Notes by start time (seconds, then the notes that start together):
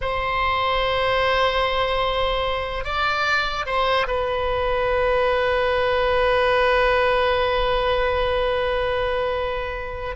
0.01 C5
2.84 D5
3.66 C5
4.07 B4